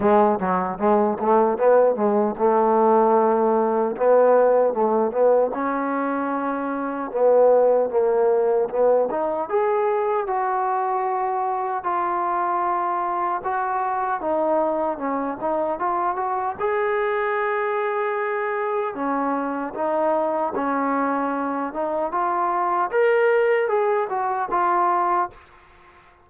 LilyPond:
\new Staff \with { instrumentName = "trombone" } { \time 4/4 \tempo 4 = 76 gis8 fis8 gis8 a8 b8 gis8 a4~ | a4 b4 a8 b8 cis'4~ | cis'4 b4 ais4 b8 dis'8 | gis'4 fis'2 f'4~ |
f'4 fis'4 dis'4 cis'8 dis'8 | f'8 fis'8 gis'2. | cis'4 dis'4 cis'4. dis'8 | f'4 ais'4 gis'8 fis'8 f'4 | }